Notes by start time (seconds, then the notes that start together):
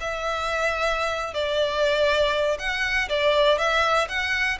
0.00 E5
1.34 D5
2.59 F#5
3.09 D5
3.58 E5
4.08 F#5